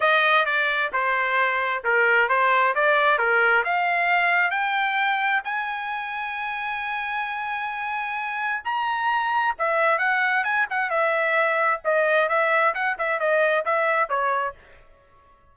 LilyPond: \new Staff \with { instrumentName = "trumpet" } { \time 4/4 \tempo 4 = 132 dis''4 d''4 c''2 | ais'4 c''4 d''4 ais'4 | f''2 g''2 | gis''1~ |
gis''2. ais''4~ | ais''4 e''4 fis''4 gis''8 fis''8 | e''2 dis''4 e''4 | fis''8 e''8 dis''4 e''4 cis''4 | }